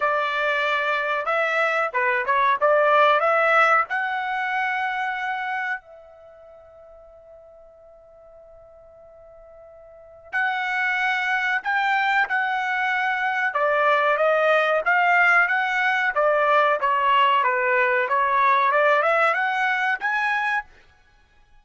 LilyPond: \new Staff \with { instrumentName = "trumpet" } { \time 4/4 \tempo 4 = 93 d''2 e''4 b'8 cis''8 | d''4 e''4 fis''2~ | fis''4 e''2.~ | e''1 |
fis''2 g''4 fis''4~ | fis''4 d''4 dis''4 f''4 | fis''4 d''4 cis''4 b'4 | cis''4 d''8 e''8 fis''4 gis''4 | }